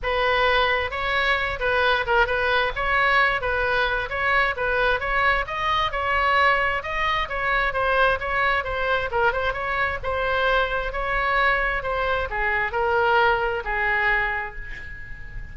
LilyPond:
\new Staff \with { instrumentName = "oboe" } { \time 4/4 \tempo 4 = 132 b'2 cis''4. b'8~ | b'8 ais'8 b'4 cis''4. b'8~ | b'4 cis''4 b'4 cis''4 | dis''4 cis''2 dis''4 |
cis''4 c''4 cis''4 c''4 | ais'8 c''8 cis''4 c''2 | cis''2 c''4 gis'4 | ais'2 gis'2 | }